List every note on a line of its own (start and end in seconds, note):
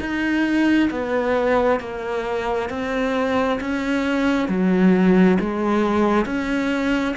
0.00 0.90 D#4
0.90 1.80 B3
1.80 2.69 A#3
2.69 3.59 C4
3.60 4.48 C#4
4.48 5.38 F#3
5.40 6.25 G#3
6.25 7.15 C#4